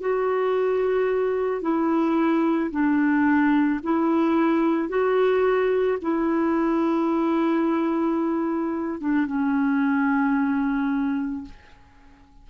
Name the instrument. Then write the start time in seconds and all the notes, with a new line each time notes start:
clarinet
0.00 F#4
1.61 E4
2.71 D4
3.83 E4
4.88 F#4
6.01 E4
9.00 D4
9.26 C#4